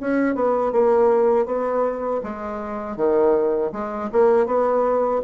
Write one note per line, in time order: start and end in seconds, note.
0.00 0.35 C#4
0.35 0.72 B3
0.72 1.46 A#3
1.46 2.21 B3
2.23 2.96 G#3
2.96 3.71 D#3
3.72 4.10 G#3
4.12 4.46 A#3
4.46 5.21 B3